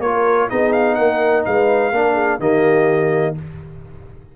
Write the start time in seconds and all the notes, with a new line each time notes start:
0.00 A#3 F4 A#4 C#5
0.50 B3 D#4 G#4 D#5
0.73 F5
0.95 A#3 A#4 F#5
1.46 G#3 B4 F5
1.92 A#3 D4 A#4
2.14 G#4
2.40 D#3 A#3 G4 D#5